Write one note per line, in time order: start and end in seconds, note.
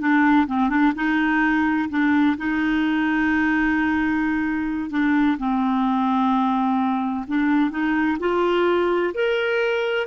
0.00 0.47 D4
0.47 0.69 C4
0.69 0.93 D4
0.95 1.89 D#4
1.90 2.37 D4
2.37 4.90 D#4
4.90 5.37 D4
5.38 7.26 C4
7.27 7.71 D4
7.71 8.18 D#4
8.19 9.13 F4
9.14 10.07 A#4